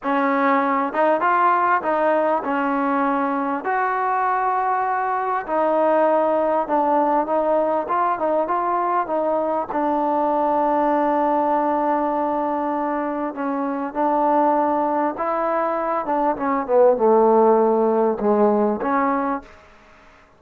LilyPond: \new Staff \with { instrumentName = "trombone" } { \time 4/4 \tempo 4 = 99 cis'4. dis'8 f'4 dis'4 | cis'2 fis'2~ | fis'4 dis'2 d'4 | dis'4 f'8 dis'8 f'4 dis'4 |
d'1~ | d'2 cis'4 d'4~ | d'4 e'4. d'8 cis'8 b8 | a2 gis4 cis'4 | }